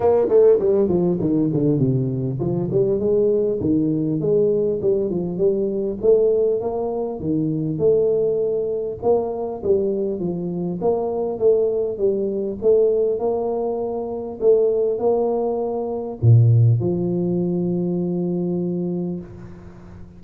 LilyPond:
\new Staff \with { instrumentName = "tuba" } { \time 4/4 \tempo 4 = 100 ais8 a8 g8 f8 dis8 d8 c4 | f8 g8 gis4 dis4 gis4 | g8 f8 g4 a4 ais4 | dis4 a2 ais4 |
g4 f4 ais4 a4 | g4 a4 ais2 | a4 ais2 ais,4 | f1 | }